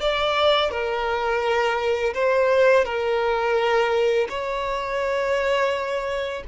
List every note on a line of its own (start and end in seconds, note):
0.00 0.70 D5
0.70 2.13 A#4
2.14 2.84 C5
2.84 4.27 A#4
4.29 6.43 C#5